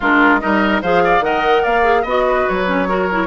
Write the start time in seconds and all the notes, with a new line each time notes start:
0.00 G#3 D4 F4 A#4
0.40 G3 D#4 A#4 D#5
0.82 F3 G#4 C5 F5
1.04 D5
1.20 D#3 A#4 D#5 F#5
1.63 A#3 D5 F5
1.82 G#4
2.02 B3 F#4 D#5
2.08 D#5
2.27 B4
2.48 F#3 C#5
2.65 C#4
2.88 F#4 A#4
3.11 E4